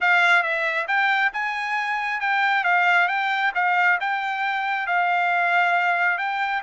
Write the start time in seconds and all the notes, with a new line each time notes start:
0.00 F5
0.42 E5
0.87 G5
1.33 G#5
2.20 G5
2.64 F5
3.08 G5
3.54 F5
4.00 G5
4.86 F5
6.18 G5